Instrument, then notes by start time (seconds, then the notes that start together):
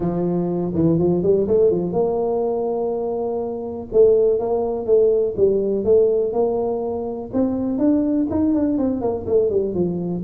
tuba
0.00 F3
0.74 E3
0.98 F3
1.22 G3
1.47 A3
1.71 F3
1.92 A#3
3.92 A3
4.39 A#3
4.86 A3
5.37 G3
5.84 A3
6.33 A#3
7.33 C4
7.78 D4
8.30 D#4
8.54 D4
8.77 C4
9.01 A#3
9.26 A3
9.50 G3
9.74 F3